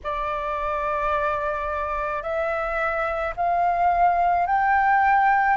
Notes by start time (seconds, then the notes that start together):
0.03 D5
2.22 E5
3.36 F5
4.46 G5